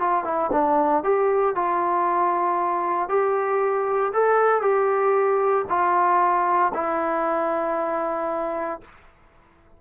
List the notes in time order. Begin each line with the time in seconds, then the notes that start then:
0.00 F4
0.25 E4
0.52 D4
1.04 G4
1.56 F4
3.09 G4
4.14 A4
4.62 G4
5.70 F4
6.74 E4